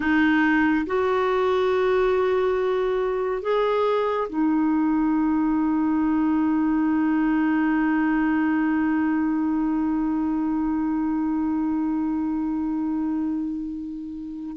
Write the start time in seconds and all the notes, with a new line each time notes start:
0.00 D#4
0.86 F#4
3.42 G#4
4.29 D#4